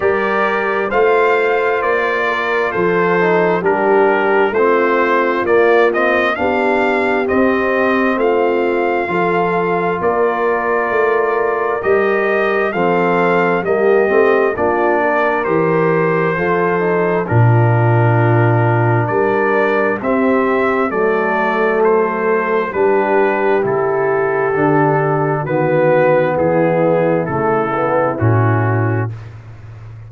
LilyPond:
<<
  \new Staff \with { instrumentName = "trumpet" } { \time 4/4 \tempo 4 = 66 d''4 f''4 d''4 c''4 | ais'4 c''4 d''8 dis''8 f''4 | dis''4 f''2 d''4~ | d''4 dis''4 f''4 dis''4 |
d''4 c''2 ais'4~ | ais'4 d''4 e''4 d''4 | c''4 b'4 a'2 | b'4 gis'4 a'4 fis'4 | }
  \new Staff \with { instrumentName = "horn" } { \time 4/4 ais'4 c''4. ais'8 a'4 | g'4 f'2 g'4~ | g'4 f'4 a'4 ais'4~ | ais'2 a'4 g'4 |
f'8 ais'4. a'4 f'4~ | f'4 ais'4 g'4 a'4~ | a'4 g'2. | fis'4 e'2. | }
  \new Staff \with { instrumentName = "trombone" } { \time 4/4 g'4 f'2~ f'8 dis'8 | d'4 c'4 ais8 c'8 d'4 | c'2 f'2~ | f'4 g'4 c'4 ais8 c'8 |
d'4 g'4 f'8 dis'8 d'4~ | d'2 c'4 a4~ | a4 d'4 e'4 d'4 | b2 a8 b8 cis'4 | }
  \new Staff \with { instrumentName = "tuba" } { \time 4/4 g4 a4 ais4 f4 | g4 a4 ais4 b4 | c'4 a4 f4 ais4 | a4 g4 f4 g8 a8 |
ais4 e4 f4 ais,4~ | ais,4 g4 c'4 fis4~ | fis4 g4 cis4 d4 | dis4 e4 cis4 a,4 | }
>>